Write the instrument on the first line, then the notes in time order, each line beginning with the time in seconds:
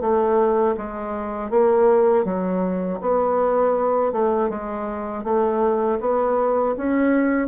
bassoon
0.00 A3
0.77 G#3
1.50 A#3
2.24 F#3
3.01 B3
4.12 A3
4.49 G#3
5.24 A3
6.00 B3
6.77 C#4